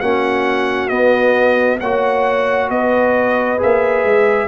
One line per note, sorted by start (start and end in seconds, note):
0.00 0.91 A#3
0.00 0.90 C#4
0.00 1.79 F#4
0.00 0.89 F#5
0.89 1.79 B3
0.89 1.81 B3
0.89 1.78 D#5
1.80 2.70 A#3
1.80 3.58 F#4
1.80 2.70 C#5
1.80 2.70 F#5
2.70 3.59 B3
2.70 4.48 B4
2.70 3.60 D#5
3.58 4.04 A#3
3.58 4.48 G#4
3.58 4.48 E5
4.04 4.48 G#3